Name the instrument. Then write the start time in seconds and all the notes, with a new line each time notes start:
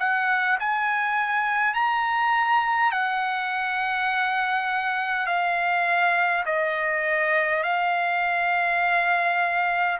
trumpet
0.00 F#5
0.60 G#5
1.74 A#5
2.92 F#5
5.27 F5
6.46 D#5
7.64 F5